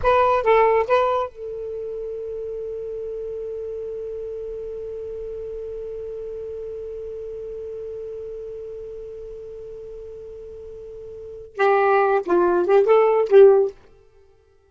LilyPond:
\new Staff \with { instrumentName = "saxophone" } { \time 4/4 \tempo 4 = 140 b'4 a'4 b'4 a'4~ | a'1~ | a'1~ | a'1~ |
a'1~ | a'1~ | a'2. g'4~ | g'8 f'4 g'8 a'4 g'4 | }